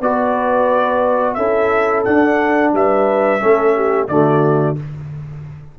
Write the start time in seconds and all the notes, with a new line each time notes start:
0.00 B3 F#4 B4 D5
1.34 C#4 E4 A4 E5
2.04 D4 F#5
2.72 G3 B4 E5
3.39 A3 C#4 A4
3.75 G4
4.08 D3 A3 F#4 D5